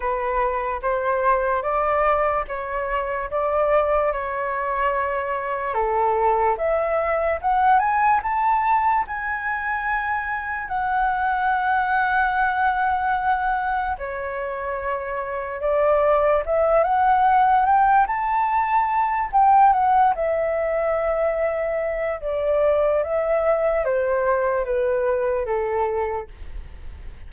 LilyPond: \new Staff \with { instrumentName = "flute" } { \time 4/4 \tempo 4 = 73 b'4 c''4 d''4 cis''4 | d''4 cis''2 a'4 | e''4 fis''8 gis''8 a''4 gis''4~ | gis''4 fis''2.~ |
fis''4 cis''2 d''4 | e''8 fis''4 g''8 a''4. g''8 | fis''8 e''2~ e''8 d''4 | e''4 c''4 b'4 a'4 | }